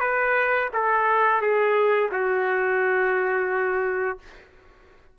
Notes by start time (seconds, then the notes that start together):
0.00 B4
0.73 A4
1.41 G#4
2.11 F#4